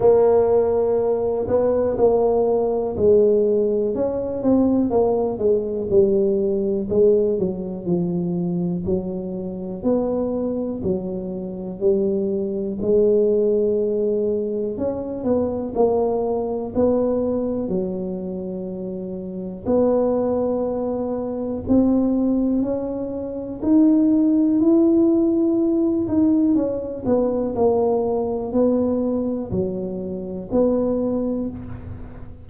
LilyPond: \new Staff \with { instrumentName = "tuba" } { \time 4/4 \tempo 4 = 61 ais4. b8 ais4 gis4 | cis'8 c'8 ais8 gis8 g4 gis8 fis8 | f4 fis4 b4 fis4 | g4 gis2 cis'8 b8 |
ais4 b4 fis2 | b2 c'4 cis'4 | dis'4 e'4. dis'8 cis'8 b8 | ais4 b4 fis4 b4 | }